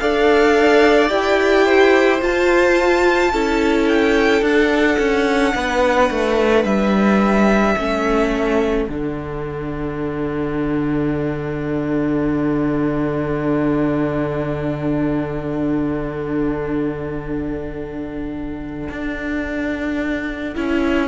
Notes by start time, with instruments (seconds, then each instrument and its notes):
0.00 cello D4, viola A4, violin D5 F5
1.08 cello E4, viola G4, violin G5
1.66 violin C5
2.22 cello F4, viola F4, violin A5
3.33 cello C#4, viola E4, violin A4
3.89 violin G5
4.42 cello D4, viola D4, violin F#5
4.99 cello C#4
5.55 cello B3, violin B4
6.11 cello A3
6.65 cello G3, violin E5
7.76 cello A3, viola C#4, violin A4
8.86 cello D3, viola D4, violin F#5
18.90 cello D4
20.55 cello C#4, viola E4